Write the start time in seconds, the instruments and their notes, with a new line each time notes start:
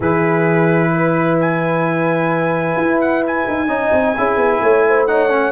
0.00 tuba E3, trombone E4, horn G#4, trumpet B4
0.91 horn B4
1.40 trumpet G#5
2.76 tuba E4
3.00 trumpet F#5
3.26 trumpet G#5
3.48 tuba D#4
3.68 tuba C#4, trombone D#4, horn D#5
3.91 tuba C4
4.17 tuba C#4, trombone E4, horn G#4
4.36 tuba B3
4.61 tuba A3, horn C#5
4.87 horn C5
5.07 trombone D#4, horn C#5, trumpet F#5
5.29 trombone C#4